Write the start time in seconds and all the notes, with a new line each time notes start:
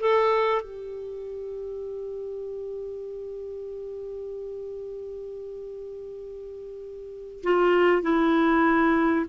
0.00 A4
0.62 G4
7.43 F4
8.02 E4